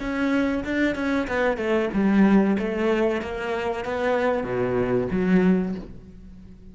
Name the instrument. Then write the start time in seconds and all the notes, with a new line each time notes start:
cello
0.00 C#4
0.64 D4
0.95 C#4
1.27 B3
1.57 A3
1.94 G3
2.59 A3
3.21 A#3
3.85 B3
4.43 B2
5.11 F#3